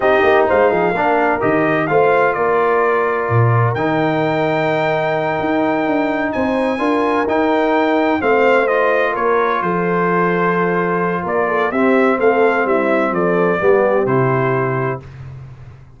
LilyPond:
<<
  \new Staff \with { instrumentName = "trumpet" } { \time 4/4 \tempo 4 = 128 dis''4 f''2 dis''4 | f''4 d''2. | g''1~ | g''4. gis''2 g''8~ |
g''4. f''4 dis''4 cis''8~ | cis''8 c''2.~ c''8 | d''4 e''4 f''4 e''4 | d''2 c''2 | }
  \new Staff \with { instrumentName = "horn" } { \time 4/4 g'4 c''8 gis'8 ais'2 | c''4 ais'2.~ | ais'1~ | ais'4. c''4 ais'4.~ |
ais'4. c''2 ais'8~ | ais'8 a'2.~ a'8 | ais'8 a'8 g'4 a'4 e'4 | a'4 g'2. | }
  \new Staff \with { instrumentName = "trombone" } { \time 4/4 dis'2 d'4 g'4 | f'1 | dis'1~ | dis'2~ dis'8 f'4 dis'8~ |
dis'4. c'4 f'4.~ | f'1~ | f'4 c'2.~ | c'4 b4 e'2 | }
  \new Staff \with { instrumentName = "tuba" } { \time 4/4 c'8 ais8 gis8 f8 ais4 dis4 | a4 ais2 ais,4 | dis2.~ dis8 dis'8~ | dis'8 d'4 c'4 d'4 dis'8~ |
dis'4. a2 ais8~ | ais8 f2.~ f8 | ais4 c'4 a4 g4 | f4 g4 c2 | }
>>